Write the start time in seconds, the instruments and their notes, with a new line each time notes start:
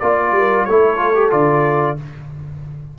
0.00 tuba A#3, trombone F4, trumpet D5, horn D5
0.32 tuba G3, horn A#4
0.65 tuba A3, trombone E4, horn A4, trumpet C#5
0.97 trombone F4
1.14 trombone G4
1.31 tuba D3, trombone F4, trumpet D5